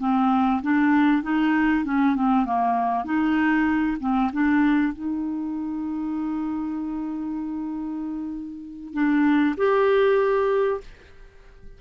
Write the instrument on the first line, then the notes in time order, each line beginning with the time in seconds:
clarinet
0.00 C4
0.62 D4
1.23 D#4
1.85 C#4
2.16 C4
2.46 A#3
3.05 D#4
4.01 C4
4.33 D4
4.93 D#4
8.94 D4
9.57 G4